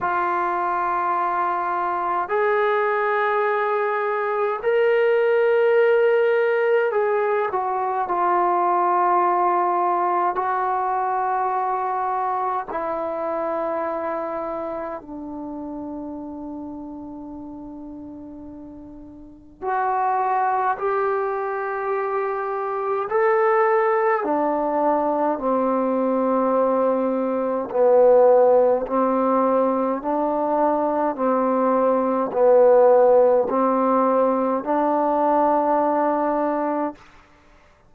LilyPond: \new Staff \with { instrumentName = "trombone" } { \time 4/4 \tempo 4 = 52 f'2 gis'2 | ais'2 gis'8 fis'8 f'4~ | f'4 fis'2 e'4~ | e'4 d'2.~ |
d'4 fis'4 g'2 | a'4 d'4 c'2 | b4 c'4 d'4 c'4 | b4 c'4 d'2 | }